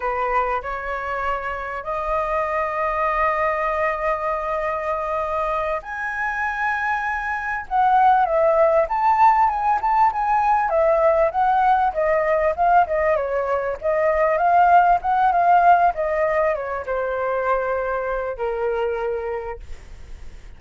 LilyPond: \new Staff \with { instrumentName = "flute" } { \time 4/4 \tempo 4 = 98 b'4 cis''2 dis''4~ | dis''1~ | dis''4. gis''2~ gis''8~ | gis''8 fis''4 e''4 a''4 gis''8 |
a''8 gis''4 e''4 fis''4 dis''8~ | dis''8 f''8 dis''8 cis''4 dis''4 f''8~ | f''8 fis''8 f''4 dis''4 cis''8 c''8~ | c''2 ais'2 | }